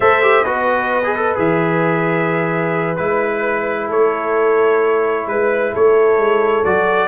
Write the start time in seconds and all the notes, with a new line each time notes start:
0.00 A3 A4 C5 E5
0.22 G4
0.43 B3 F#4 B4 D#5
1.04 G#4
1.16 A4
1.35 E3 G#4 E5
2.96 G#3 E4 B4
3.87 A3 A4 C#5
5.27 G#3 B4
5.72 A3 A4 C#5
6.17 G#3
6.64 F#3 F#4 D5